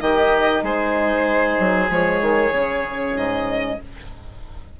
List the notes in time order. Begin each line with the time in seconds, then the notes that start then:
0.00 D#3 D#4 G4 D#5
0.62 G#3 G#4 C5
1.59 F#3
1.89 F3 G#3 C#5
2.21 D#3
2.52 C#3 C#4
3.17 G#2 D#5